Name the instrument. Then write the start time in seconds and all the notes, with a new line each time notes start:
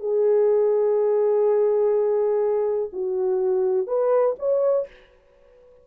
horn
0.00 G#4
2.93 F#4
3.88 B4
4.39 C#5